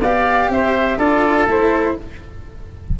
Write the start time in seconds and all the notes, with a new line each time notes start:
0.00 B3 G4 D5 F5
0.49 C4 C5 E5
0.97 D4 F4 A4 D5
1.47 A3 E4 C5